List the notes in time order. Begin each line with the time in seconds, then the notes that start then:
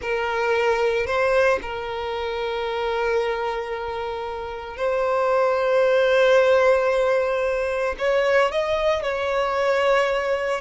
0.01 A#4
1.06 C5
1.62 A#4
4.76 C5
7.98 C#5
8.51 D#5
9.02 C#5